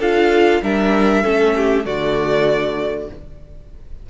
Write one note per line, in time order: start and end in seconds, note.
0.00 0.62 D4
0.00 0.63 F4
0.00 0.62 A4
0.00 0.64 F5
0.62 1.24 G3
0.62 1.24 D4
0.62 1.24 A#4
0.62 1.86 E5
1.24 1.86 A3
1.24 1.84 C#4
1.24 1.55 A4
1.57 1.86 G4
1.84 3.10 D3
1.84 3.08 A3
1.84 3.10 F#4
1.84 3.10 D5